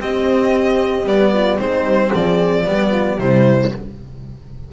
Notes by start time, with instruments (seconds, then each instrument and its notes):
0.00 double bass C4, cello C4, horn G4, violin D#5
1.05 double bass G3, cello B3, violin D5
1.34 horn F4
1.58 double bass G#3, cello C4, horn D#4, violin C5
1.84 double bass G3
2.12 double bass F3, horn G#4, violin D5
2.65 double bass G3, cello B3, horn G4
2.91 horn F4
3.18 double bass C3, cello G3, horn E4, violin C5